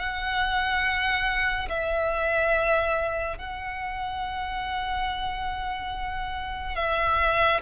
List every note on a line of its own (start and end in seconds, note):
0.00 1.69 F#5
1.69 3.38 E5
3.38 6.76 F#5
6.76 7.61 E5